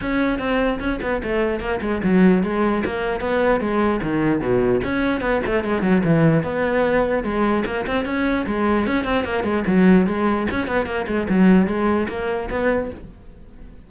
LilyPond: \new Staff \with { instrumentName = "cello" } { \time 4/4 \tempo 4 = 149 cis'4 c'4 cis'8 b8 a4 | ais8 gis8 fis4 gis4 ais4 | b4 gis4 dis4 b,4 | cis'4 b8 a8 gis8 fis8 e4 |
b2 gis4 ais8 c'8 | cis'4 gis4 cis'8 c'8 ais8 gis8 | fis4 gis4 cis'8 b8 ais8 gis8 | fis4 gis4 ais4 b4 | }